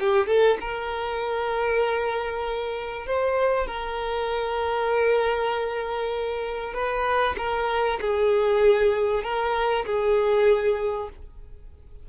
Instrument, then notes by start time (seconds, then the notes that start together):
violin
0.00 G4
0.27 A4
0.61 A#4
3.06 C5
3.67 A#4
6.74 B4
7.38 A#4
8.01 G#4
9.24 A#4
9.86 G#4